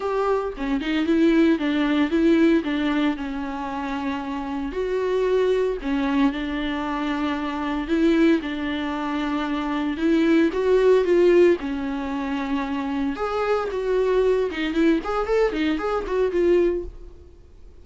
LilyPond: \new Staff \with { instrumentName = "viola" } { \time 4/4 \tempo 4 = 114 g'4 cis'8 dis'8 e'4 d'4 | e'4 d'4 cis'2~ | cis'4 fis'2 cis'4 | d'2. e'4 |
d'2. e'4 | fis'4 f'4 cis'2~ | cis'4 gis'4 fis'4. dis'8 | e'8 gis'8 a'8 dis'8 gis'8 fis'8 f'4 | }